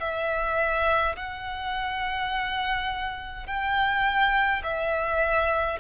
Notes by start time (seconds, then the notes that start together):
0.00 E5
1.16 F#5
3.47 G5
4.63 E5